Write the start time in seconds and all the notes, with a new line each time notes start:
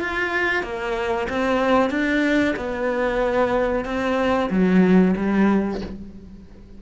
0.00 F4
0.62 A#3
1.29 C4
1.90 D4
2.56 B3
3.84 C4
4.50 F#3
5.16 G3